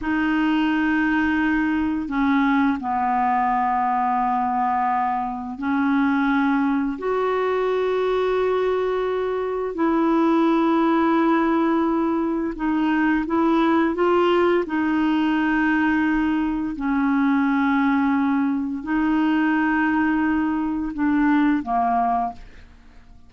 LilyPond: \new Staff \with { instrumentName = "clarinet" } { \time 4/4 \tempo 4 = 86 dis'2. cis'4 | b1 | cis'2 fis'2~ | fis'2 e'2~ |
e'2 dis'4 e'4 | f'4 dis'2. | cis'2. dis'4~ | dis'2 d'4 ais4 | }